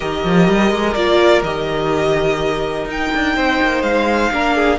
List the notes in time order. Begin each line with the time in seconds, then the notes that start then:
0.00 D#3 G4 A#4 D#5
0.24 F3
0.48 G3
0.71 G#3
0.93 A#3 F4 D5
1.41 D#3 G4 D#5
2.84 D#4 G5
3.14 D4
3.35 C4 C5
3.62 A#3
3.82 G#3 F5
4.31 A#3 D4 A#4
4.55 G#4